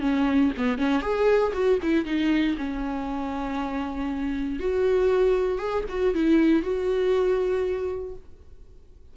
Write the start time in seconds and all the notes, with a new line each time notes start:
0.00 C#4
0.57 B3
0.78 C#4
1.01 G#4
1.53 F#4
1.82 E4
2.05 D#4
2.57 C#4
4.59 F#4
5.58 G#4
5.89 F#4
6.14 E4
6.62 F#4